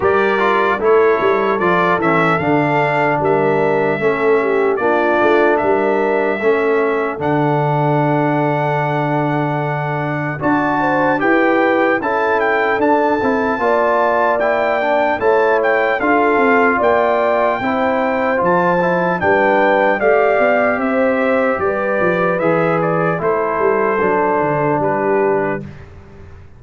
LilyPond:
<<
  \new Staff \with { instrumentName = "trumpet" } { \time 4/4 \tempo 4 = 75 d''4 cis''4 d''8 e''8 f''4 | e''2 d''4 e''4~ | e''4 fis''2.~ | fis''4 a''4 g''4 a''8 g''8 |
a''2 g''4 a''8 g''8 | f''4 g''2 a''4 | g''4 f''4 e''4 d''4 | e''8 d''8 c''2 b'4 | }
  \new Staff \with { instrumentName = "horn" } { \time 4/4 ais'4 a'2. | ais'4 a'8 g'8 f'4 ais'4 | a'1~ | a'4 d''8 c''8 b'4 a'4~ |
a'4 d''2 cis''4 | a'4 d''4 c''2 | b'4 d''4 c''4 b'4~ | b'4 a'2 g'4 | }
  \new Staff \with { instrumentName = "trombone" } { \time 4/4 g'8 f'8 e'4 f'8 cis'8 d'4~ | d'4 cis'4 d'2 | cis'4 d'2.~ | d'4 fis'4 g'4 e'4 |
d'8 e'8 f'4 e'8 d'8 e'4 | f'2 e'4 f'8 e'8 | d'4 g'2. | gis'4 e'4 d'2 | }
  \new Staff \with { instrumentName = "tuba" } { \time 4/4 g4 a8 g8 f8 e8 d4 | g4 a4 ais8 a8 g4 | a4 d2.~ | d4 d'4 e'4 cis'4 |
d'8 c'8 ais2 a4 | d'8 c'8 ais4 c'4 f4 | g4 a8 b8 c'4 g8 f8 | e4 a8 g8 fis8 d8 g4 | }
>>